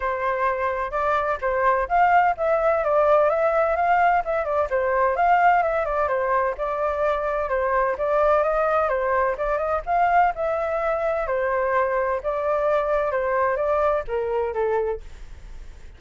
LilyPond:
\new Staff \with { instrumentName = "flute" } { \time 4/4 \tempo 4 = 128 c''2 d''4 c''4 | f''4 e''4 d''4 e''4 | f''4 e''8 d''8 c''4 f''4 | e''8 d''8 c''4 d''2 |
c''4 d''4 dis''4 c''4 | d''8 dis''8 f''4 e''2 | c''2 d''2 | c''4 d''4 ais'4 a'4 | }